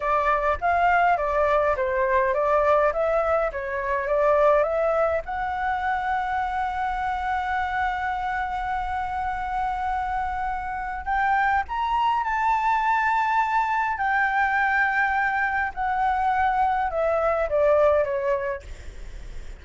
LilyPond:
\new Staff \with { instrumentName = "flute" } { \time 4/4 \tempo 4 = 103 d''4 f''4 d''4 c''4 | d''4 e''4 cis''4 d''4 | e''4 fis''2.~ | fis''1~ |
fis''2. g''4 | ais''4 a''2. | g''2. fis''4~ | fis''4 e''4 d''4 cis''4 | }